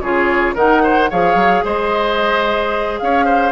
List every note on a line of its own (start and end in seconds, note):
0.00 0.54 C#3
0.00 0.56 F4
0.00 0.55 G#4
0.00 0.54 C#5
0.55 1.09 D#3
0.55 1.10 D#4
0.55 0.82 A#4
0.55 1.10 F#5
0.83 1.10 C5
1.10 1.34 F3
1.10 3.52 G#4
1.10 1.64 C#5
1.10 1.65 F5
1.34 1.61 F#3
1.64 3.00 G#3
1.64 2.99 C5
1.64 2.99 D#5
2.99 3.52 C#4
2.99 3.25 C#5
2.99 3.52 F5
3.25 3.52 C5